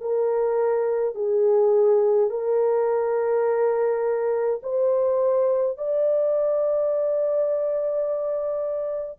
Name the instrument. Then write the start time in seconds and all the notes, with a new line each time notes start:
horn
0.00 A#4
1.15 G#4
2.30 A#4
4.63 C5
5.77 D5